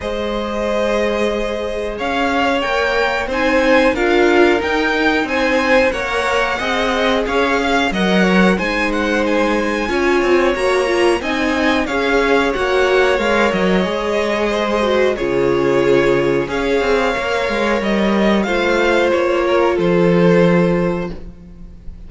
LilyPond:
<<
  \new Staff \with { instrumentName = "violin" } { \time 4/4 \tempo 4 = 91 dis''2. f''4 | g''4 gis''4 f''4 g''4 | gis''4 fis''2 f''4 | fis''4 gis''8 fis''8 gis''2 |
ais''4 gis''4 f''4 fis''4 | f''8 dis''2~ dis''8 cis''4~ | cis''4 f''2 dis''4 | f''4 cis''4 c''2 | }
  \new Staff \with { instrumentName = "violin" } { \time 4/4 c''2. cis''4~ | cis''4 c''4 ais'2 | c''4 cis''4 dis''4 cis''8 f''8 | dis''8 cis''8 c''2 cis''4~ |
cis''4 dis''4 cis''2~ | cis''2 c''4 gis'4~ | gis'4 cis''2. | c''4. ais'8 a'2 | }
  \new Staff \with { instrumentName = "viola" } { \time 4/4 gis'1 | ais'4 dis'4 f'4 dis'4~ | dis'4 ais'4 gis'2 | ais'4 dis'2 f'4 |
fis'8 f'8 dis'4 gis'4 fis'4 | ais'4 gis'4. fis'8 f'4~ | f'4 gis'4 ais'2 | f'1 | }
  \new Staff \with { instrumentName = "cello" } { \time 4/4 gis2. cis'4 | ais4 c'4 d'4 dis'4 | c'4 ais4 c'4 cis'4 | fis4 gis2 cis'8 c'8 |
ais4 c'4 cis'4 ais4 | gis8 fis8 gis2 cis4~ | cis4 cis'8 c'8 ais8 gis8 g4 | a4 ais4 f2 | }
>>